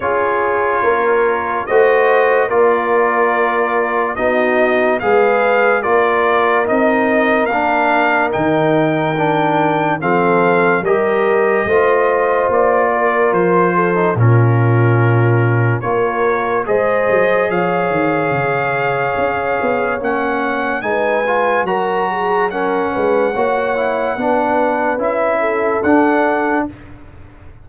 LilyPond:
<<
  \new Staff \with { instrumentName = "trumpet" } { \time 4/4 \tempo 4 = 72 cis''2 dis''4 d''4~ | d''4 dis''4 f''4 d''4 | dis''4 f''4 g''2 | f''4 dis''2 d''4 |
c''4 ais'2 cis''4 | dis''4 f''2. | fis''4 gis''4 ais''4 fis''4~ | fis''2 e''4 fis''4 | }
  \new Staff \with { instrumentName = "horn" } { \time 4/4 gis'4 ais'4 c''4 ais'4~ | ais'4 fis'4 b'4 ais'4~ | ais'1 | a'4 ais'4 c''4. ais'8~ |
ais'8 a'8 f'2 ais'4 | c''4 cis''2.~ | cis''4 b'4 ais'8 gis'8 ais'8 b'8 | cis''4 b'4. a'4. | }
  \new Staff \with { instrumentName = "trombone" } { \time 4/4 f'2 fis'4 f'4~ | f'4 dis'4 gis'4 f'4 | dis'4 d'4 dis'4 d'4 | c'4 g'4 f'2~ |
f'8. dis'16 cis'2 f'4 | gis'1 | cis'4 dis'8 f'8 fis'4 cis'4 | fis'8 e'8 d'4 e'4 d'4 | }
  \new Staff \with { instrumentName = "tuba" } { \time 4/4 cis'4 ais4 a4 ais4~ | ais4 b4 gis4 ais4 | c'4 ais4 dis2 | f4 g4 a4 ais4 |
f4 ais,2 ais4 | gis8 fis8 f8 dis8 cis4 cis'8 b8 | ais4 gis4 fis4. gis8 | ais4 b4 cis'4 d'4 | }
>>